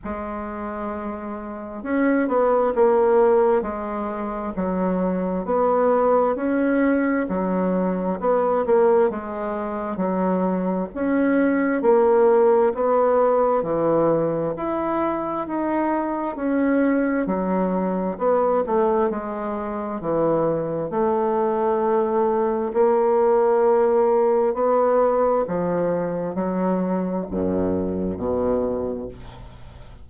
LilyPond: \new Staff \with { instrumentName = "bassoon" } { \time 4/4 \tempo 4 = 66 gis2 cis'8 b8 ais4 | gis4 fis4 b4 cis'4 | fis4 b8 ais8 gis4 fis4 | cis'4 ais4 b4 e4 |
e'4 dis'4 cis'4 fis4 | b8 a8 gis4 e4 a4~ | a4 ais2 b4 | f4 fis4 fis,4 b,4 | }